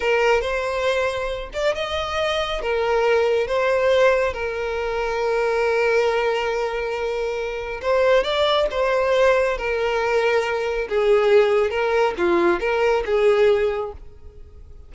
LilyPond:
\new Staff \with { instrumentName = "violin" } { \time 4/4 \tempo 4 = 138 ais'4 c''2~ c''8 d''8 | dis''2 ais'2 | c''2 ais'2~ | ais'1~ |
ais'2 c''4 d''4 | c''2 ais'2~ | ais'4 gis'2 ais'4 | f'4 ais'4 gis'2 | }